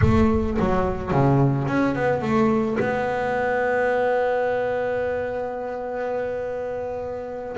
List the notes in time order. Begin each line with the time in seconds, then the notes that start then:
0.01 A3
0.59 F#3
1.11 C#3
1.67 C#4
1.95 B3
2.21 A3
2.79 B3